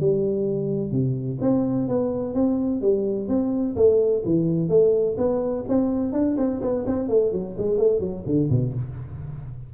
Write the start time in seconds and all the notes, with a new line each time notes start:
0.00 G3
0.92 C3
1.41 C4
1.89 B3
2.34 C4
2.82 G3
3.28 C4
3.76 A3
4.25 E3
4.69 A3
5.18 B3
5.68 C4
6.13 D4
6.38 C4
6.62 B3
6.87 C4
7.09 A3
7.32 F#3
7.58 G#3
7.78 A3
8.00 F#3
8.26 D3
8.50 B2